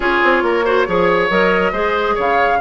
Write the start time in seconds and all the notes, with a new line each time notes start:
0.00 C#4 F4 G#4 C#5
0.24 C4
0.42 A#3 A#4
0.64 F#4 C5
0.87 F3 G#4 C#5
1.29 F#3 A#4 D#5
1.72 G#3 G#4 C5
2.14 C#3 C#5 F5